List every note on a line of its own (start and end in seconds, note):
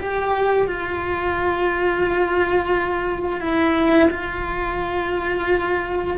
0.00 0.67 G4
0.67 3.40 F4
3.40 4.09 E4
4.10 6.17 F4